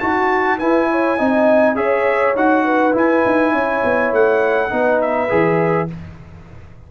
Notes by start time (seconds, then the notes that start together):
0.00 D#4 F#4 A5
0.58 E4 B4 G#5
0.91 C#5
1.19 C4 D#4 D#5
1.76 C#4 G#4 C#5 E5
2.36 D#4 F#4 F#5
2.65 B4
2.93 E4 G#5
3.26 D#4
3.53 C#4 C#5
3.84 B3
4.12 A3 F#5
4.70 B3 D#4 B4
5.02 E5
5.29 E3 G#4